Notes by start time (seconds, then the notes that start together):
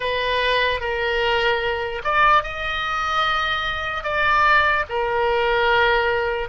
0.00 B4
0.80 A#4
2.03 D5
2.43 D#5
4.03 D5
4.89 A#4